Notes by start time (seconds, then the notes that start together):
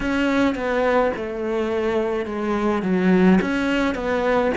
0.00 C#4
0.55 B3
1.16 A3
2.25 G#3
2.82 F#3
3.41 C#4
3.95 B3